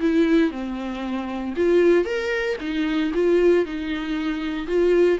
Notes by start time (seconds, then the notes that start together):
0.00 E4
0.51 C4
1.56 F4
2.05 A#4
2.60 D#4
3.14 F4
3.65 D#4
4.67 F4